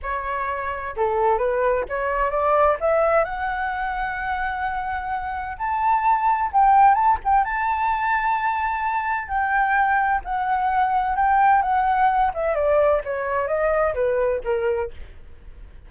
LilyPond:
\new Staff \with { instrumentName = "flute" } { \time 4/4 \tempo 4 = 129 cis''2 a'4 b'4 | cis''4 d''4 e''4 fis''4~ | fis''1 | a''2 g''4 a''8 g''8 |
a''1 | g''2 fis''2 | g''4 fis''4. e''8 d''4 | cis''4 dis''4 b'4 ais'4 | }